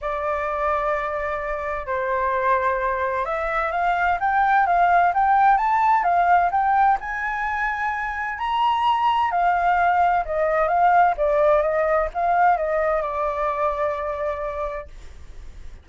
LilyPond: \new Staff \with { instrumentName = "flute" } { \time 4/4 \tempo 4 = 129 d''1 | c''2. e''4 | f''4 g''4 f''4 g''4 | a''4 f''4 g''4 gis''4~ |
gis''2 ais''2 | f''2 dis''4 f''4 | d''4 dis''4 f''4 dis''4 | d''1 | }